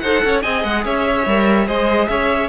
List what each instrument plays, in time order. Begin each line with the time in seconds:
0.00 cello D#4, viola A4, violin C5 F#5
0.24 cello C#4, violin C#5
0.42 cello C4, viola G#4, violin D#5 G#5
0.64 cello G#3, violin F#5
0.85 cello C#4, violin C#5 E5
1.26 cello G3, viola A#4
1.66 cello G#3, viola G#4, violin C5 D#5
2.08 cello C#4, violin C#5 E5